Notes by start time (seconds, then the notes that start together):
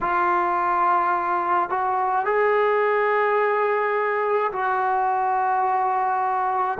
0.00 F4
1.69 F#4
2.25 G#4
4.52 F#4